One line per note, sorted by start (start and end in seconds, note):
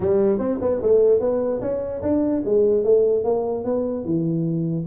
0.00 0.39 G3
0.39 0.59 C4
0.61 0.81 B3
0.81 1.20 A3
1.20 1.60 B3
1.61 2.01 C#4
2.02 2.42 D4
2.45 2.84 G#3
2.84 3.23 A3
3.23 3.64 A#3
3.64 4.04 B3
4.04 4.85 E3